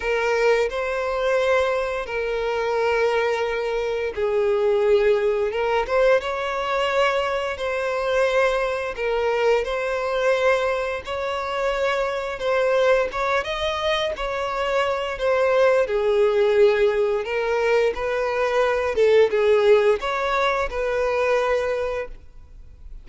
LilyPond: \new Staff \with { instrumentName = "violin" } { \time 4/4 \tempo 4 = 87 ais'4 c''2 ais'4~ | ais'2 gis'2 | ais'8 c''8 cis''2 c''4~ | c''4 ais'4 c''2 |
cis''2 c''4 cis''8 dis''8~ | dis''8 cis''4. c''4 gis'4~ | gis'4 ais'4 b'4. a'8 | gis'4 cis''4 b'2 | }